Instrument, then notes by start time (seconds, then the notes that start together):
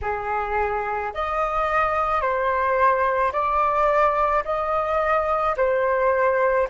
flute
0.02 G#4
1.14 D#5
2.21 C5
3.32 D5
4.44 D#5
5.57 C5